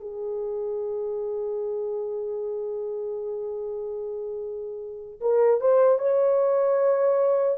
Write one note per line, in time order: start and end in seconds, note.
0.00 5.20 G#4
5.20 5.60 A#4
5.60 5.98 C5
5.98 7.58 C#5